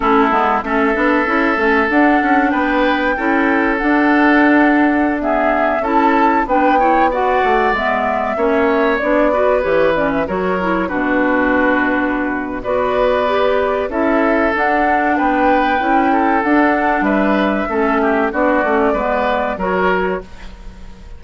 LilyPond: <<
  \new Staff \with { instrumentName = "flute" } { \time 4/4 \tempo 4 = 95 a'4 e''2 fis''4 | g''2 fis''2~ | fis''16 e''4 a''4 g''4 fis''8.~ | fis''16 e''2 d''4 cis''8 d''16 |
e''16 cis''4 b'2~ b'8. | d''2 e''4 fis''4 | g''2 fis''4 e''4~ | e''4 d''2 cis''4 | }
  \new Staff \with { instrumentName = "oboe" } { \time 4/4 e'4 a'2. | b'4 a'2.~ | a'16 gis'4 a'4 b'8 cis''8 d''8.~ | d''4~ d''16 cis''4. b'4~ b'16~ |
b'16 ais'4 fis'2~ fis'8. | b'2 a'2 | b'4. a'4. b'4 | a'8 g'8 fis'4 b'4 ais'4 | }
  \new Staff \with { instrumentName = "clarinet" } { \time 4/4 cis'8 b8 cis'8 d'8 e'8 cis'8 d'4~ | d'4 e'4 d'2~ | d'16 b4 e'4 d'8 e'8 fis'8.~ | fis'16 b4 cis'4 d'8 fis'8 g'8 cis'16~ |
cis'16 fis'8 e'8 d'2~ d'8. | fis'4 g'4 e'4 d'4~ | d'4 e'4 d'2 | cis'4 d'8 cis'8 b4 fis'4 | }
  \new Staff \with { instrumentName = "bassoon" } { \time 4/4 a8 gis8 a8 b8 cis'8 a8 d'8 cis'8 | b4 cis'4 d'2~ | d'4~ d'16 cis'4 b4. a16~ | a16 gis4 ais4 b4 e8.~ |
e16 fis4 b,2~ b,8. | b2 cis'4 d'4 | b4 cis'4 d'4 g4 | a4 b8 a8 gis4 fis4 | }
>>